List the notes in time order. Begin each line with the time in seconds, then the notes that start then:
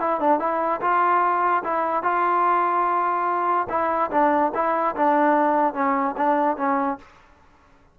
0.00 E4
0.20 D4
0.39 E4
0.81 F4
1.64 E4
2.03 F4
3.70 E4
4.11 D4
4.55 E4
4.96 D4
5.74 C#4
6.17 D4
6.57 C#4